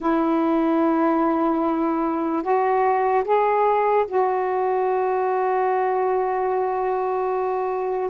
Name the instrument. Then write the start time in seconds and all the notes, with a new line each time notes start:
saxophone
0.00 E4
2.43 F#4
3.24 G#4
4.07 F#4